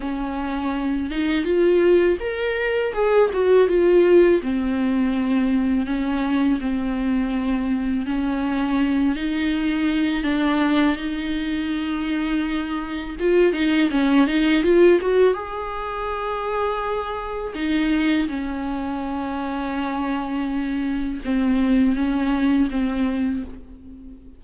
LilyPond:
\new Staff \with { instrumentName = "viola" } { \time 4/4 \tempo 4 = 82 cis'4. dis'8 f'4 ais'4 | gis'8 fis'8 f'4 c'2 | cis'4 c'2 cis'4~ | cis'8 dis'4. d'4 dis'4~ |
dis'2 f'8 dis'8 cis'8 dis'8 | f'8 fis'8 gis'2. | dis'4 cis'2.~ | cis'4 c'4 cis'4 c'4 | }